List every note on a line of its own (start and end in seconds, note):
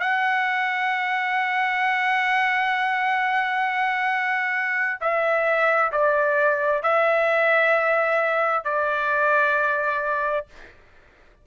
0.00 5.00 F#5
5.00 5.91 E5
5.92 6.83 D5
6.83 8.64 E5
8.64 10.46 D5